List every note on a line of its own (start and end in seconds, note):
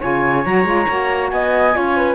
0.00 0.46 C#3
0.00 0.44 F4
0.00 1.29 C#5
0.00 0.45 G#5
0.45 0.64 F#3
0.45 0.65 F#4
0.45 1.30 A#5
0.64 0.86 G#3
0.64 0.86 F4
0.88 1.32 A#3
0.88 1.71 F#4
1.30 1.75 B3
1.30 1.76 D#5
1.30 2.15 G#5
1.71 2.15 C#4
1.71 2.15 F4
1.71 1.97 C#5
1.97 2.15 B4